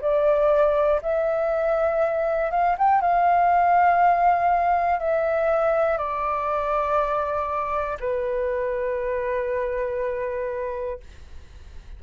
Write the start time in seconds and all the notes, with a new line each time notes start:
0.00 D5
1.02 E5
2.50 F5
2.78 G5
3.00 F5
4.99 E5
5.97 D5
8.00 B4